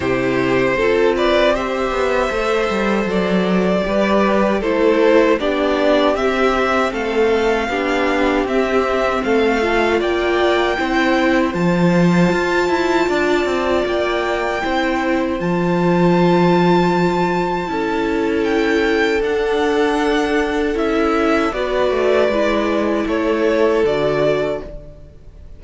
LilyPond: <<
  \new Staff \with { instrumentName = "violin" } { \time 4/4 \tempo 4 = 78 c''4. d''8 e''2 | d''2 c''4 d''4 | e''4 f''2 e''4 | f''4 g''2 a''4~ |
a''2 g''2 | a''1 | g''4 fis''2 e''4 | d''2 cis''4 d''4 | }
  \new Staff \with { instrumentName = "violin" } { \time 4/4 g'4 a'8 b'8 c''2~ | c''4 b'4 a'4 g'4~ | g'4 a'4 g'2 | a'4 d''4 c''2~ |
c''4 d''2 c''4~ | c''2. a'4~ | a'1 | b'2 a'2 | }
  \new Staff \with { instrumentName = "viola" } { \time 4/4 e'4 f'4 g'4 a'4~ | a'4 g'4 e'4 d'4 | c'2 d'4 c'4~ | c'8 f'4. e'4 f'4~ |
f'2. e'4 | f'2. e'4~ | e'4 d'2 e'4 | fis'4 e'2 fis'4 | }
  \new Staff \with { instrumentName = "cello" } { \time 4/4 c4 c'4. b8 a8 g8 | fis4 g4 a4 b4 | c'4 a4 b4 c'4 | a4 ais4 c'4 f4 |
f'8 e'8 d'8 c'8 ais4 c'4 | f2. cis'4~ | cis'4 d'2 cis'4 | b8 a8 gis4 a4 d4 | }
>>